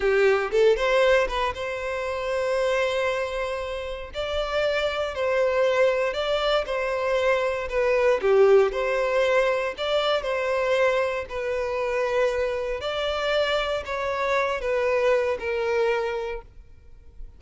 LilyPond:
\new Staff \with { instrumentName = "violin" } { \time 4/4 \tempo 4 = 117 g'4 a'8 c''4 b'8 c''4~ | c''1 | d''2 c''2 | d''4 c''2 b'4 |
g'4 c''2 d''4 | c''2 b'2~ | b'4 d''2 cis''4~ | cis''8 b'4. ais'2 | }